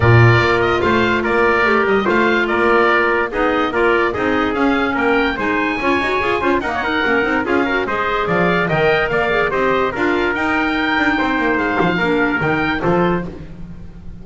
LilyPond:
<<
  \new Staff \with { instrumentName = "oboe" } { \time 4/4 \tempo 4 = 145 d''4. dis''8 f''4 d''4~ | d''8 dis''8 f''4 d''2 | dis''4 d''4 dis''4 f''4 | g''4 gis''2. |
fis''2 f''4 dis''4 | f''4 g''4 f''4 dis''4 | f''4 g''2. | f''2 g''4 c''4 | }
  \new Staff \with { instrumentName = "trumpet" } { \time 4/4 ais'2 c''4 ais'4~ | ais'4 c''4 ais'2 | gis'4 ais'4 gis'2 | ais'4 c''4 cis''4. c''8 |
ais'16 cis''16 ais'4. gis'8 ais'8 c''4 | d''4 dis''4 d''4 c''4 | ais'2. c''4~ | c''4 ais'2 a'4 | }
  \new Staff \with { instrumentName = "clarinet" } { \time 4/4 f'1 | g'4 f'2. | dis'4 f'4 dis'4 cis'4~ | cis'4 dis'4 f'8 fis'8 gis'8 f'8 |
ais8 dis'8 cis'8 dis'8 f'8 fis'8 gis'4~ | gis'4 ais'4. gis'8 g'4 | f'4 dis'2.~ | dis'4 d'4 dis'4 f'4 | }
  \new Staff \with { instrumentName = "double bass" } { \time 4/4 ais,4 ais4 a4 ais4 | a8 g8 a4 ais2 | b4 ais4 c'4 cis'4 | ais4 gis4 cis'8 dis'8 f'8 cis'8 |
dis'4 ais8 c'8 cis'4 gis4 | f4 dis4 ais4 c'4 | d'4 dis'4. d'8 c'8 ais8 | gis8 f8 ais4 dis4 f4 | }
>>